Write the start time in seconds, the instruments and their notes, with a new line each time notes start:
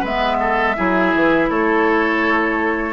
0.00 bassoon G#3, clarinet B3, oboe B4, flute E5
0.39 oboe A4
0.76 bassoon F#3, clarinet E4, oboe G#4
1.14 bassoon E3
1.50 bassoon A3, oboe A4, flute C#5